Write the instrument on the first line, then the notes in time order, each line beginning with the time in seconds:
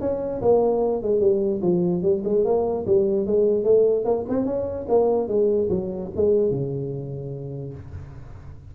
tuba
0.00 C#4
0.41 A#3
1.02 G#3
1.20 G3
1.61 F3
2.02 G3
2.24 G#3
2.45 A#3
2.86 G3
3.26 G#3
3.64 A3
4.04 A#3
4.28 C4
4.45 C#4
4.88 A#3
5.28 G#3
5.69 F#3
6.16 G#3
6.51 C#3